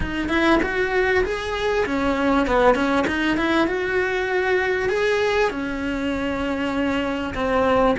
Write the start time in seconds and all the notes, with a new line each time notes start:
0.00 D#4
0.29 E4
0.63 F#4
1.24 G#4
1.86 C#4
2.46 B3
2.74 C#4
3.07 D#4
3.37 E4
3.67 F#4
4.89 G#4
5.50 C#4
7.34 C4